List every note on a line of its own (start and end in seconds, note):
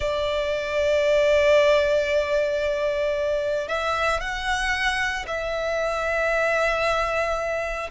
0.00 3.68 D5
3.68 4.20 E5
4.20 5.25 F#5
5.27 7.90 E5